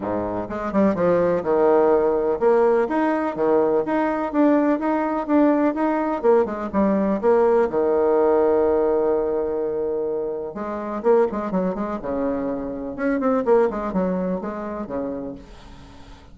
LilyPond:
\new Staff \with { instrumentName = "bassoon" } { \time 4/4 \tempo 4 = 125 gis,4 gis8 g8 f4 dis4~ | dis4 ais4 dis'4 dis4 | dis'4 d'4 dis'4 d'4 | dis'4 ais8 gis8 g4 ais4 |
dis1~ | dis2 gis4 ais8 gis8 | fis8 gis8 cis2 cis'8 c'8 | ais8 gis8 fis4 gis4 cis4 | }